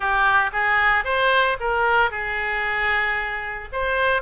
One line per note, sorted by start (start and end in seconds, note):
0.00 0.50 G4
0.52 1.04 G#4
1.04 1.57 C5
1.60 2.11 A#4
2.11 3.68 G#4
3.72 4.22 C5